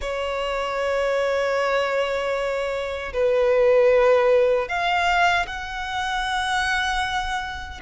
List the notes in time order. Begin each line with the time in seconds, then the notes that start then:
0.01 C#5
3.13 B4
4.68 F5
5.47 F#5